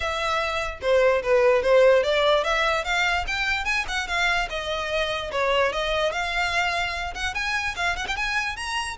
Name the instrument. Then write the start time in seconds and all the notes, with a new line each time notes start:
violin
0.00 E5
0.81 C5
1.22 B4
1.62 C5
2.03 D5
2.43 E5
2.84 F5
3.27 G5
3.64 G#5
3.88 F#5
4.07 F5
4.49 D#5
5.31 C#5
5.72 D#5
6.12 F5
7.14 F#5
7.34 G#5
7.76 F5
7.96 F#5
8.07 G5
8.16 G#5
8.56 A#5